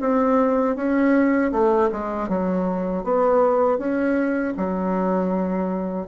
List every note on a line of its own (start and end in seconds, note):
0.00 0.76 C4
0.76 1.52 C#4
1.52 1.90 A3
1.92 2.29 G#3
2.29 3.04 F#3
3.04 3.78 B3
3.78 4.54 C#4
4.57 6.07 F#3